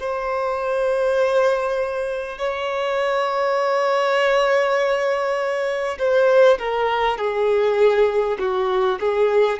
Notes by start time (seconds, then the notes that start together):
0.00 C5
2.38 C#5
5.98 C5
6.59 A#4
7.18 G#4
8.39 F#4
9.00 G#4